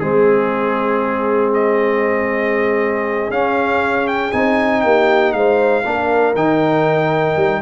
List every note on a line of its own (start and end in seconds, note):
0.00 3.30 G#3
0.00 3.32 C4
0.00 4.83 G#4
0.00 1.53 G#4
1.54 3.31 D#5
3.30 4.32 C#4
3.30 4.08 F5
4.08 4.32 G5
4.32 4.83 C4
4.32 5.84 D#4
4.32 4.82 G#5
4.82 5.34 A#3
4.82 5.36 G4
4.82 5.32 G5
5.32 5.84 G#3
5.32 5.84 C5
5.32 6.34 F5
5.84 6.35 A#3
5.84 6.34 D4
5.84 7.62 A#4
6.35 7.36 D#3
6.35 7.62 D#4
6.35 7.62 G5
7.36 7.62 G3